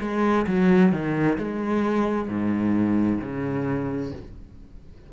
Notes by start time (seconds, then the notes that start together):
0.00 G#3
0.46 F#3
0.92 D#3
1.38 G#3
2.28 G#2
3.21 C#3